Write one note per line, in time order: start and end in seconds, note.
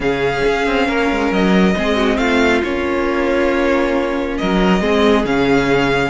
0.00 0.41 C#3
0.00 1.75 C#4
0.00 0.86 G#4
0.00 1.32 F5
0.46 0.66 C#4
0.66 0.88 C4
0.86 1.10 A#3
0.86 1.74 A#4
1.10 1.31 G#3
1.31 1.75 F#3
1.31 2.17 D#5
1.76 2.17 G#3
1.76 2.63 C4
1.76 1.95 G#4
1.95 2.17 F#4
2.17 2.61 A3
2.17 4.39 F4
2.17 2.61 F5
2.63 4.39 A#3
2.63 4.81 C#4
2.63 4.37 C#5
4.37 4.80 F#3
4.37 4.82 A#4
4.37 5.25 D#5
4.80 5.24 G#3
4.80 5.25 C4
4.80 6.09 G#4
5.25 6.09 C#3
5.25 6.09 C#4
5.25 6.09 F5